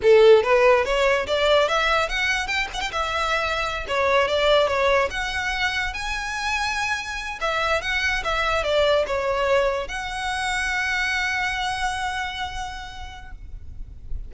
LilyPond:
\new Staff \with { instrumentName = "violin" } { \time 4/4 \tempo 4 = 144 a'4 b'4 cis''4 d''4 | e''4 fis''4 g''8 fis''16 g''16 e''4~ | e''4~ e''16 cis''4 d''4 cis''8.~ | cis''16 fis''2 gis''4.~ gis''16~ |
gis''4.~ gis''16 e''4 fis''4 e''16~ | e''8. d''4 cis''2 fis''16~ | fis''1~ | fis''1 | }